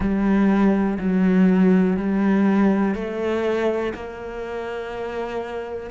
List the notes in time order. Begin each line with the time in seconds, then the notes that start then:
0.00 G3
0.98 F#3
1.97 G3
2.95 A3
3.94 A#3